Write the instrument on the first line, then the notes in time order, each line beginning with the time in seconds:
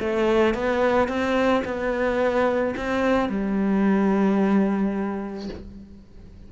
cello
0.00 A3
0.54 B3
1.08 C4
1.65 B3
2.77 C4
3.29 G3